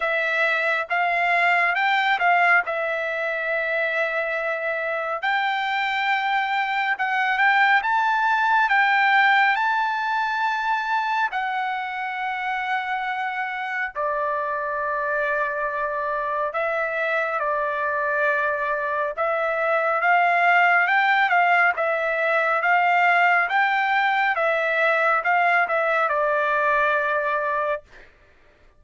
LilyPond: \new Staff \with { instrumentName = "trumpet" } { \time 4/4 \tempo 4 = 69 e''4 f''4 g''8 f''8 e''4~ | e''2 g''2 | fis''8 g''8 a''4 g''4 a''4~ | a''4 fis''2. |
d''2. e''4 | d''2 e''4 f''4 | g''8 f''8 e''4 f''4 g''4 | e''4 f''8 e''8 d''2 | }